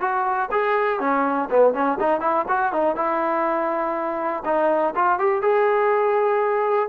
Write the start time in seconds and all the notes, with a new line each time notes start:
0.00 F#4
0.51 G#4
1.00 C#4
1.50 B3
1.74 C#4
2.00 D#4
2.21 E4
2.48 F#4
2.73 D#4
2.96 E4
4.45 D#4
4.96 F4
5.19 G4
5.42 G#4